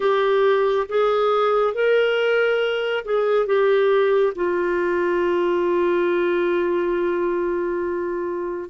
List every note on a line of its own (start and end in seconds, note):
0.00 0.87 G4
0.89 1.74 G#4
1.74 3.04 A#4
3.04 3.46 G#4
3.46 4.33 G4
4.35 8.70 F4